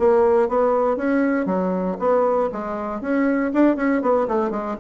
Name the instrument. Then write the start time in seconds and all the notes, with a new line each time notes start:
bassoon
0.00 A#3
0.49 B3
0.97 C#4
1.46 F#3
1.99 B3
2.53 G#3
3.01 C#4
3.54 D4
3.77 C#4
4.02 B3
4.28 A3
4.51 G#3